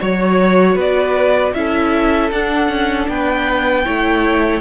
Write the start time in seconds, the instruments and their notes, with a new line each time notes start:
0.00 cello F#3, viola F#4, violin C#5
0.75 cello B3, violin B4 D5
1.53 cello C#4, viola E4, violin A4 E5
2.31 cello D4, viola D4, violin F#5
2.68 cello C#4
3.08 cello B3, violin B4 G5
3.84 cello A3, viola E4, violin C#5